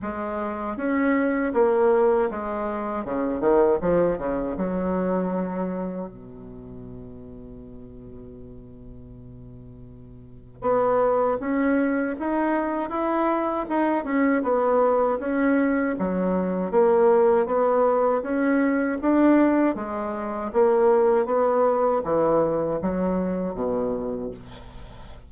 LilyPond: \new Staff \with { instrumentName = "bassoon" } { \time 4/4 \tempo 4 = 79 gis4 cis'4 ais4 gis4 | cis8 dis8 f8 cis8 fis2 | b,1~ | b,2 b4 cis'4 |
dis'4 e'4 dis'8 cis'8 b4 | cis'4 fis4 ais4 b4 | cis'4 d'4 gis4 ais4 | b4 e4 fis4 b,4 | }